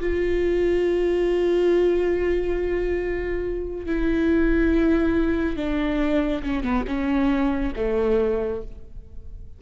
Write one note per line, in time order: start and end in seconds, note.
0.00 3.86 F4
3.86 5.56 E4
5.56 6.42 D4
6.42 6.63 C#4
6.63 6.85 B3
6.87 7.73 C#4
7.76 8.61 A3